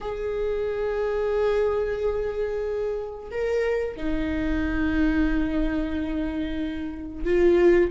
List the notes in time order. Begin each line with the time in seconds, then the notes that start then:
0.00 G#4
3.30 A#4
3.96 D#4
7.25 F4